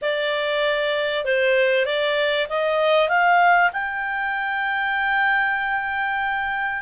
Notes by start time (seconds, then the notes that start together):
0.01 D5
1.25 C5
1.85 D5
2.49 D#5
3.08 F5
3.73 G5